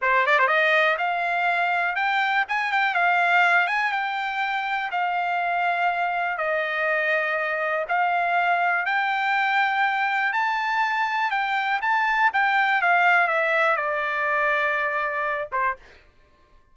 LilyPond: \new Staff \with { instrumentName = "trumpet" } { \time 4/4 \tempo 4 = 122 c''8 d''16 c''16 dis''4 f''2 | g''4 gis''8 g''8 f''4. gis''8 | g''2 f''2~ | f''4 dis''2. |
f''2 g''2~ | g''4 a''2 g''4 | a''4 g''4 f''4 e''4 | d''2.~ d''8 c''8 | }